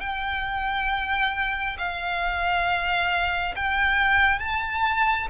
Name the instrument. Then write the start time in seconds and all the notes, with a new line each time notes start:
violin
0.00 G5
1.78 F5
3.55 G5
4.39 A5